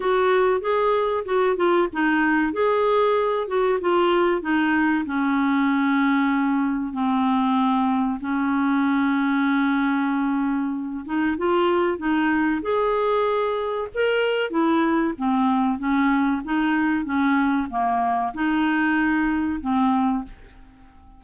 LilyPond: \new Staff \with { instrumentName = "clarinet" } { \time 4/4 \tempo 4 = 95 fis'4 gis'4 fis'8 f'8 dis'4 | gis'4. fis'8 f'4 dis'4 | cis'2. c'4~ | c'4 cis'2.~ |
cis'4. dis'8 f'4 dis'4 | gis'2 ais'4 e'4 | c'4 cis'4 dis'4 cis'4 | ais4 dis'2 c'4 | }